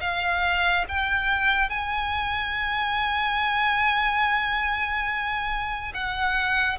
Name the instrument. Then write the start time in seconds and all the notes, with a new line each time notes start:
violin
0.00 F5
0.88 G5
1.69 G#5
5.93 F#5